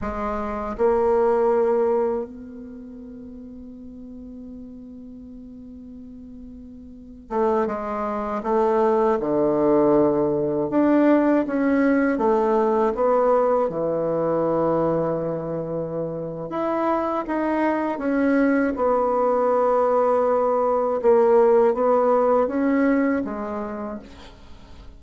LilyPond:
\new Staff \with { instrumentName = "bassoon" } { \time 4/4 \tempo 4 = 80 gis4 ais2 b4~ | b1~ | b4.~ b16 a8 gis4 a8.~ | a16 d2 d'4 cis'8.~ |
cis'16 a4 b4 e4.~ e16~ | e2 e'4 dis'4 | cis'4 b2. | ais4 b4 cis'4 gis4 | }